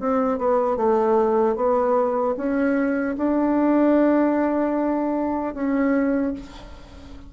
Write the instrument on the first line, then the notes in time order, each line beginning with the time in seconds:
bassoon
0.00 C4
0.38 B3
0.77 A3
1.56 B3
2.37 C#4
3.18 D4
5.54 C#4